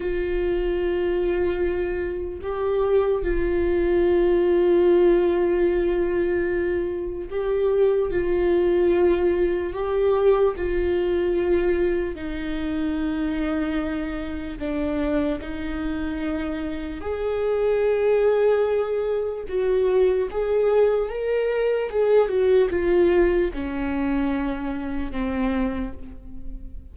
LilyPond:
\new Staff \with { instrumentName = "viola" } { \time 4/4 \tempo 4 = 74 f'2. g'4 | f'1~ | f'4 g'4 f'2 | g'4 f'2 dis'4~ |
dis'2 d'4 dis'4~ | dis'4 gis'2. | fis'4 gis'4 ais'4 gis'8 fis'8 | f'4 cis'2 c'4 | }